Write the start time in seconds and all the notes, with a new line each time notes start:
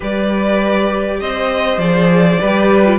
0.00 G3 G4 B4 D5
1.20 C4 C5 D#5
1.77 F3 G#4 D5
2.39 G3 G4 B4
2.85 F4